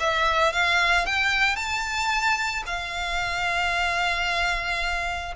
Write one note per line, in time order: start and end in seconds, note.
0.00 0.53 E5
0.53 1.06 F5
1.06 1.56 G5
1.56 2.63 A5
2.66 5.34 F5